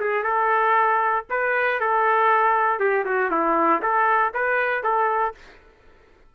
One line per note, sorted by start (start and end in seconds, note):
0.00 0.23 G#4
0.23 1.25 A4
1.30 1.80 B4
1.80 2.79 A4
2.79 3.04 G4
3.05 3.30 F#4
3.31 3.81 E4
3.82 4.33 A4
4.34 4.84 B4
4.84 5.34 A4